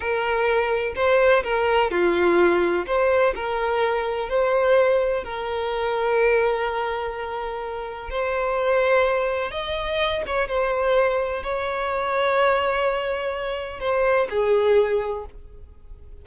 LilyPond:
\new Staff \with { instrumentName = "violin" } { \time 4/4 \tempo 4 = 126 ais'2 c''4 ais'4 | f'2 c''4 ais'4~ | ais'4 c''2 ais'4~ | ais'1~ |
ais'4 c''2. | dis''4. cis''8 c''2 | cis''1~ | cis''4 c''4 gis'2 | }